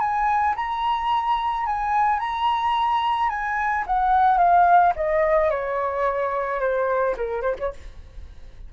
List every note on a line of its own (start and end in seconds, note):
0.00 0.55 G#5
0.56 1.66 A#5
1.66 2.19 G#5
2.19 3.30 A#5
3.30 3.85 G#5
3.87 4.38 F#5
4.38 4.93 F5
4.96 5.50 D#5
5.50 6.60 C#5
6.60 7.15 C5
7.17 7.42 A#4
7.42 7.55 C5
7.59 7.73 C#5